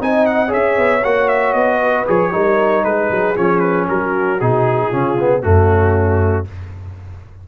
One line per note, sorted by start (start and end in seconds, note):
0.00 0.53 C4
0.00 0.48 D#4
0.00 0.48 D#5
0.00 0.26 G#5
0.26 0.52 F#5
0.48 0.78 C#4
0.48 0.99 G#4
0.48 1.77 C#5
0.48 1.04 E5
0.78 1.04 B3
1.04 1.54 A#3
1.04 2.06 F#4
1.04 1.28 F#5
1.28 1.54 E5
1.54 2.05 B3
1.54 2.05 D#5
1.80 2.32 B4
2.06 2.34 F3
2.06 2.32 G#4
2.06 2.84 C#5
2.32 2.85 G3
2.32 3.35 D#4
2.32 2.85 A#4
2.84 3.10 G#3
2.84 3.88 G#4
2.84 3.36 B4
3.11 3.37 F#3
3.36 3.89 F3
3.36 4.39 C#4
3.36 3.60 C#5
3.60 3.85 B4
3.89 4.41 F#3
3.89 4.87 F#4
3.89 4.40 A#4
4.40 4.93 B2
4.40 4.92 D#4
4.40 5.42 G#4
4.87 5.44 C#3
4.87 5.18 C#4
4.87 5.39 F4
5.19 5.42 B3
5.42 6.48 F#2
5.42 6.45 A3
5.42 6.48 C#4
5.42 6.46 F#4